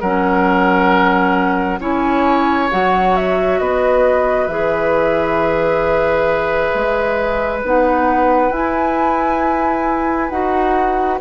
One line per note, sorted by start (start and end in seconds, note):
0.00 1.79 F#3
0.00 1.80 C#4
0.00 1.79 A#4
0.00 1.79 F#5
1.79 2.69 C#4
1.79 2.69 E4
1.79 3.59 C#5
1.79 2.69 G#5
2.70 3.60 F#3
2.70 4.49 F#4
2.70 3.15 F#5
3.15 3.59 E5
3.59 4.47 B3
3.59 11.20 B4
3.59 4.47 D#5
4.47 6.71 E3
4.47 7.63 G#4
4.47 7.60 E5
6.74 7.63 G#3
7.63 8.50 B3
7.63 8.51 D#4
7.63 8.51 F#5
8.50 10.29 E4
8.50 10.30 E4
8.50 10.29 G#5
10.29 11.19 D#4
10.29 11.20 F#4
10.29 11.18 F#5